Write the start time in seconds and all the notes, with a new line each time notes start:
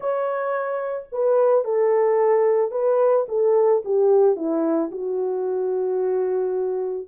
0.00 C#5
1.12 B4
1.64 A4
2.71 B4
3.28 A4
3.85 G4
4.35 E4
4.91 F#4